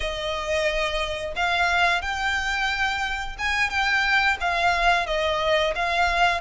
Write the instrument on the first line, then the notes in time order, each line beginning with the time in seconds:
violin
0.00 D#5
1.35 F5
2.01 G5
3.38 G#5
3.70 G5
4.40 F5
5.06 D#5
5.75 F5